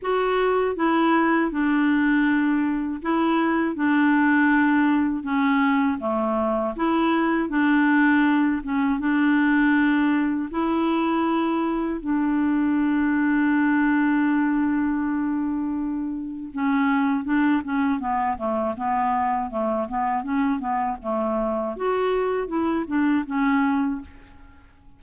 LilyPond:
\new Staff \with { instrumentName = "clarinet" } { \time 4/4 \tempo 4 = 80 fis'4 e'4 d'2 | e'4 d'2 cis'4 | a4 e'4 d'4. cis'8 | d'2 e'2 |
d'1~ | d'2 cis'4 d'8 cis'8 | b8 a8 b4 a8 b8 cis'8 b8 | a4 fis'4 e'8 d'8 cis'4 | }